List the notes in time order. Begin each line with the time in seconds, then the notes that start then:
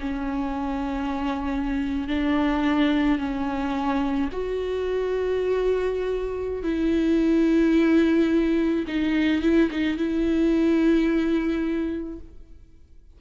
0.00 C#4
2.08 D4
3.18 C#4
4.32 F#4
6.63 E4
8.87 D#4
9.42 E4
9.70 D#4
9.97 E4